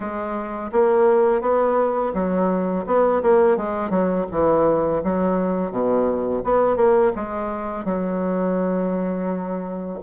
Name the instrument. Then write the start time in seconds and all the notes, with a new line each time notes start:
bassoon
0.00 G#3
0.71 A#3
1.41 B3
2.14 F#3
2.86 B3
3.22 A#3
3.57 G#3
3.89 F#3
4.31 E3
5.03 F#3
5.71 B2
6.44 B3
6.76 A#3
7.15 G#3
7.84 F#3